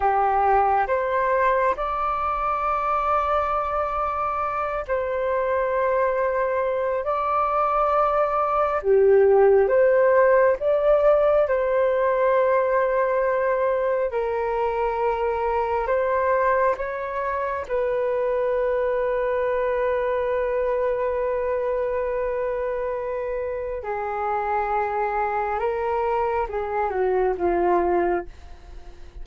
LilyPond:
\new Staff \with { instrumentName = "flute" } { \time 4/4 \tempo 4 = 68 g'4 c''4 d''2~ | d''4. c''2~ c''8 | d''2 g'4 c''4 | d''4 c''2. |
ais'2 c''4 cis''4 | b'1~ | b'2. gis'4~ | gis'4 ais'4 gis'8 fis'8 f'4 | }